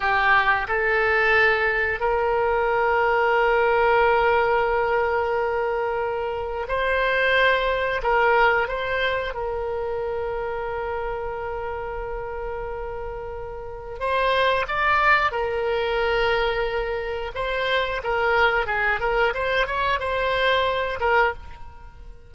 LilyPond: \new Staff \with { instrumentName = "oboe" } { \time 4/4 \tempo 4 = 90 g'4 a'2 ais'4~ | ais'1~ | ais'2 c''2 | ais'4 c''4 ais'2~ |
ais'1~ | ais'4 c''4 d''4 ais'4~ | ais'2 c''4 ais'4 | gis'8 ais'8 c''8 cis''8 c''4. ais'8 | }